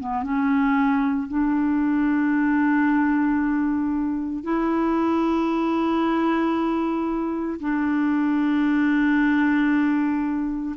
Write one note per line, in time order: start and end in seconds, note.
0.00 0.24 B3
0.24 1.29 C#4
1.29 4.44 D4
4.44 7.60 E4
7.60 10.76 D4